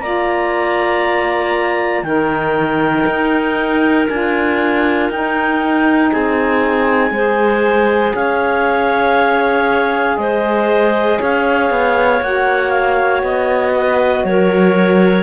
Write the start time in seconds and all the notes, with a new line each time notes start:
0.00 A#3 F4 D5 A#5
2.03 D#3 D#4 A#4 G5
3.07 D#4
4.09 D4 F4 G#5
5.10 D#4 G5
6.12 C4 G#4 G#5
7.11 G#3 G#4 C5
8.15 C#4 C#5 F5
10.18 G#3 C5 D#5
11.19 C#4 C#5 F5
11.71 B3
12.22 A#3 F#4 F#5
12.70 F5
13.23 B3 D#5
13.75 B4
14.25 F#3 A#4 C#5